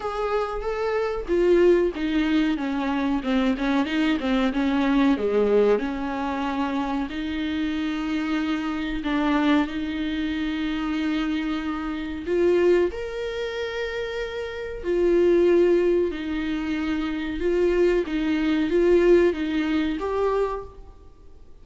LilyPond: \new Staff \with { instrumentName = "viola" } { \time 4/4 \tempo 4 = 93 gis'4 a'4 f'4 dis'4 | cis'4 c'8 cis'8 dis'8 c'8 cis'4 | gis4 cis'2 dis'4~ | dis'2 d'4 dis'4~ |
dis'2. f'4 | ais'2. f'4~ | f'4 dis'2 f'4 | dis'4 f'4 dis'4 g'4 | }